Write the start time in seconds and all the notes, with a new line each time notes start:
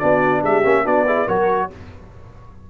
0.00 B3 D4 F#4 D5
0.43 G#3 G4 E5
0.64 A#3 C#4
0.85 B3 D4 F#4 D5
1.07 E4 G#4
1.27 F#3 F#4 A#4 C#5